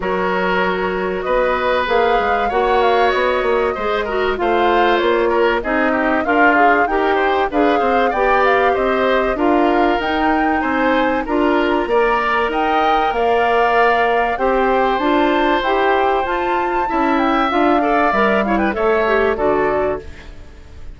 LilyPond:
<<
  \new Staff \with { instrumentName = "flute" } { \time 4/4 \tempo 4 = 96 cis''2 dis''4 f''4 | fis''8 f''8 dis''2 f''4 | cis''4 dis''4 f''4 g''4 | f''4 g''8 f''8 dis''4 f''4 |
g''4 gis''4 ais''2 | g''4 f''2 g''4 | a''4 g''4 a''4. g''8 | f''4 e''8 f''16 g''16 e''4 d''4 | }
  \new Staff \with { instrumentName = "oboe" } { \time 4/4 ais'2 b'2 | cis''2 c''8 ais'8 c''4~ | c''8 ais'8 gis'8 g'8 f'4 ais'8 c''8 | b'8 c''8 d''4 c''4 ais'4~ |
ais'4 c''4 ais'4 d''4 | dis''4 d''2 c''4~ | c''2. e''4~ | e''8 d''4 cis''16 b'16 cis''4 a'4 | }
  \new Staff \with { instrumentName = "clarinet" } { \time 4/4 fis'2. gis'4 | fis'2 gis'8 fis'8 f'4~ | f'4 dis'4 ais'8 gis'8 g'4 | gis'4 g'2 f'4 |
dis'2 f'4 ais'4~ | ais'2. g'4 | f'4 g'4 f'4 e'4 | f'8 a'8 ais'8 e'8 a'8 g'8 fis'4 | }
  \new Staff \with { instrumentName = "bassoon" } { \time 4/4 fis2 b4 ais8 gis8 | ais4 b8 ais8 gis4 a4 | ais4 c'4 d'4 dis'4 | d'8 c'8 b4 c'4 d'4 |
dis'4 c'4 d'4 ais4 | dis'4 ais2 c'4 | d'4 e'4 f'4 cis'4 | d'4 g4 a4 d4 | }
>>